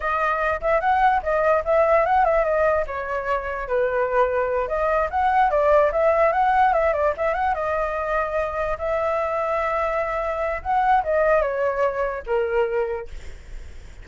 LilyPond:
\new Staff \with { instrumentName = "flute" } { \time 4/4 \tempo 4 = 147 dis''4. e''8 fis''4 dis''4 | e''4 fis''8 e''8 dis''4 cis''4~ | cis''4 b'2~ b'8 dis''8~ | dis''8 fis''4 d''4 e''4 fis''8~ |
fis''8 e''8 d''8 e''8 fis''8 dis''4.~ | dis''4. e''2~ e''8~ | e''2 fis''4 dis''4 | cis''2 ais'2 | }